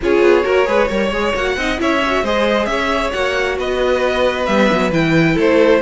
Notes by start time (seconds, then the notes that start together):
0.02 C#4 F4 G#4 C#5
0.21 B3
0.43 A#3 F#4 A#4
0.65 G#3 G#4 B4
0.88 G3 A#4 C#5
1.11 G#3 G#4
1.35 A#3 F#4 F#5
1.56 C4 D#4 D#5
1.78 C#4 E4 C#5 E5
2.06 F#4
2.23 G#3 G#4 C5 D#5
2.65 C#4 C#5 E5
3.13 A#3 F#4 F#5
3.58 B3 B4 D#5
4.46 G3 B3 E5
4.72 F#3
4.91 E3 E4 G5
5.34 A3 A4 C5